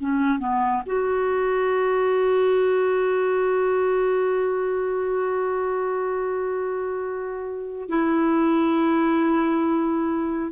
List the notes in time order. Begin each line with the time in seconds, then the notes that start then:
0.00 C#4
0.39 B3
0.86 F#4
7.89 E4